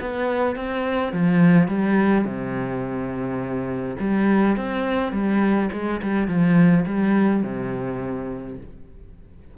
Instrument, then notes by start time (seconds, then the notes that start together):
cello
0.00 B3
0.56 C4
1.12 F3
1.67 G3
2.24 C3
3.99 G3
4.56 C4
5.12 G3
5.72 G#3
6.02 G3
6.27 F3
6.85 G3
7.43 C3